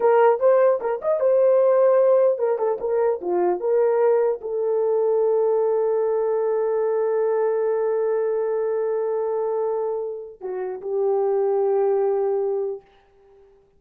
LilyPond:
\new Staff \with { instrumentName = "horn" } { \time 4/4 \tempo 4 = 150 ais'4 c''4 ais'8 dis''8 c''4~ | c''2 ais'8 a'8 ais'4 | f'4 ais'2 a'4~ | a'1~ |
a'1~ | a'1~ | a'2 fis'4 g'4~ | g'1 | }